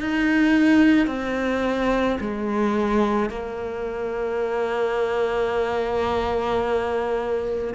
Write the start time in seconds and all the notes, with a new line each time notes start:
0.00 D#4
1.07 C4
2.20 G#3
3.29 A#3